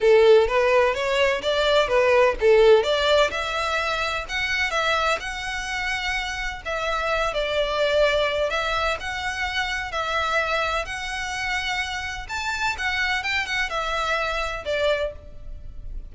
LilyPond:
\new Staff \with { instrumentName = "violin" } { \time 4/4 \tempo 4 = 127 a'4 b'4 cis''4 d''4 | b'4 a'4 d''4 e''4~ | e''4 fis''4 e''4 fis''4~ | fis''2 e''4. d''8~ |
d''2 e''4 fis''4~ | fis''4 e''2 fis''4~ | fis''2 a''4 fis''4 | g''8 fis''8 e''2 d''4 | }